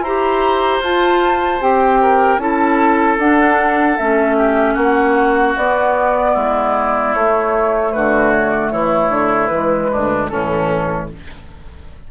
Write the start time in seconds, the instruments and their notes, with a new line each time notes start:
0.00 bassoon E4, clarinet G4, oboe C5, flute A#5
0.79 bassoon F4, clarinet F4, flute A5
1.60 bassoon C4, clarinet G4, flute G5
2.01 oboe A#4
2.37 bassoon C#4, clarinet E4, oboe A4, flute A5
3.17 bassoon D4, clarinet D4, flute F#5
3.97 bassoon A3, clarinet C#4, flute E5
4.37 oboe G4
4.74 bassoon A#3, oboe F#4, flute F#5
5.56 bassoon B3, clarinet B3, flute D5
6.33 bassoon G#3, oboe E4
7.13 bassoon A3, clarinet A3, flute C#5
7.92 bassoon D3, oboe F#4, flute B4
8.31 flute C#5
8.50 flute D5
8.70 bassoon E3, oboe E4, flute C#5
9.09 bassoon D3
9.47 bassoon E3, clarinet G#3, flute B4
9.92 bassoon D2, oboe D4
10.28 bassoon A2, clarinet E3, oboe C#4, flute A4